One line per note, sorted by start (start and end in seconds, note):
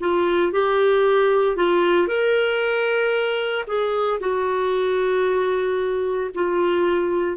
0.00 0.53 F4
0.53 1.56 G4
1.56 2.08 F4
2.08 3.66 A#4
3.67 4.20 G#4
4.20 6.31 F#4
6.34 7.37 F4